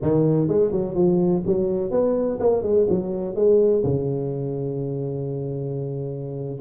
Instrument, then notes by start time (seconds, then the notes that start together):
tuba
0.02 D#3
0.48 G#3
0.71 F#3
0.94 F3
1.46 F#3
1.90 B3
2.39 A#3
2.62 G#3
2.89 F#3
3.35 G#3
3.84 C#3